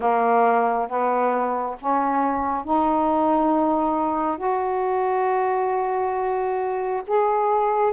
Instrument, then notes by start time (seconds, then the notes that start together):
saxophone
0.00 A#3
0.88 B3
1.79 C#4
2.64 D#4
4.37 F#4
7.07 G#4